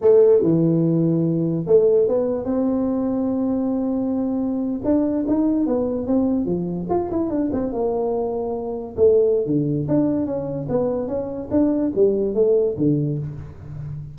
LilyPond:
\new Staff \with { instrumentName = "tuba" } { \time 4/4 \tempo 4 = 146 a4 e2. | a4 b4 c'2~ | c'2.~ c'8. d'16~ | d'8. dis'4 b4 c'4 f16~ |
f8. f'8 e'8 d'8 c'8 ais4~ ais16~ | ais4.~ ais16 a4~ a16 d4 | d'4 cis'4 b4 cis'4 | d'4 g4 a4 d4 | }